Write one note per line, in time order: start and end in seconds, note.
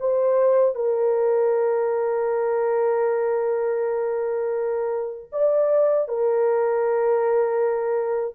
0.00 0.75 C5
0.75 5.31 A#4
5.33 6.08 D5
6.08 8.35 A#4